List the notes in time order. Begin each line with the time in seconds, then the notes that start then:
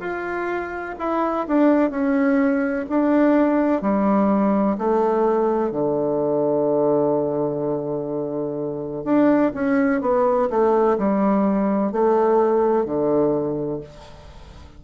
0.00 F4
0.99 E4
1.48 D4
1.90 C#4
2.90 D4
3.82 G3
4.78 A3
5.71 D3
9.05 D4
9.54 C#4
10.01 B3
10.50 A3
10.98 G3
11.92 A3
12.85 D3